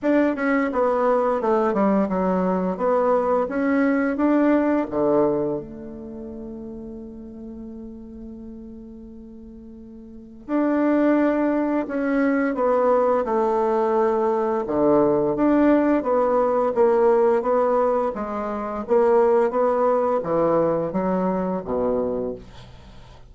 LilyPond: \new Staff \with { instrumentName = "bassoon" } { \time 4/4 \tempo 4 = 86 d'8 cis'8 b4 a8 g8 fis4 | b4 cis'4 d'4 d4 | a1~ | a2. d'4~ |
d'4 cis'4 b4 a4~ | a4 d4 d'4 b4 | ais4 b4 gis4 ais4 | b4 e4 fis4 b,4 | }